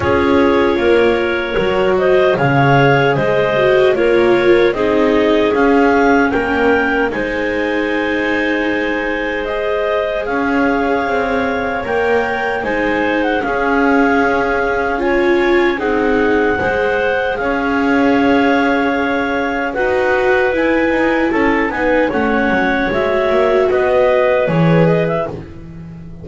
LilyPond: <<
  \new Staff \with { instrumentName = "clarinet" } { \time 4/4 \tempo 4 = 76 cis''2~ cis''8 dis''8 f''4 | dis''4 cis''4 dis''4 f''4 | g''4 gis''2. | dis''4 f''2 g''4 |
gis''8. fis''16 f''2 gis''4 | fis''2 f''2~ | f''4 fis''4 gis''4 a''8 gis''8 | fis''4 e''4 dis''4 cis''8 dis''16 e''16 | }
  \new Staff \with { instrumentName = "clarinet" } { \time 4/4 gis'4 ais'4. c''8 cis''4 | c''4 ais'4 gis'2 | ais'4 c''2.~ | c''4 cis''2. |
c''4 gis'2 cis''4 | gis'4 c''4 cis''2~ | cis''4 b'2 a'8 b'8 | cis''2 b'2 | }
  \new Staff \with { instrumentName = "viola" } { \time 4/4 f'2 fis'4 gis'4~ | gis'8 fis'8 f'4 dis'4 cis'4~ | cis'4 dis'2. | gis'2. ais'4 |
dis'4 cis'2 f'4 | dis'4 gis'2.~ | gis'4 fis'4 e'4. dis'8 | cis'4 fis'2 gis'4 | }
  \new Staff \with { instrumentName = "double bass" } { \time 4/4 cis'4 ais4 fis4 cis4 | gis4 ais4 c'4 cis'4 | ais4 gis2.~ | gis4 cis'4 c'4 ais4 |
gis4 cis'2. | c'4 gis4 cis'2~ | cis'4 dis'4 e'8 dis'8 cis'8 b8 | a8 fis8 gis8 ais8 b4 e4 | }
>>